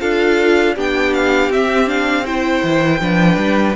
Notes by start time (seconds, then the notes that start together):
0.00 D4 F4 A4 F5
0.75 B3 D4 G4 G5
1.14 F5
1.49 C4 E5
1.87 D4 F5
2.25 E4 C5 G5
2.63 E3
3.01 F3 D4 B4
3.37 G3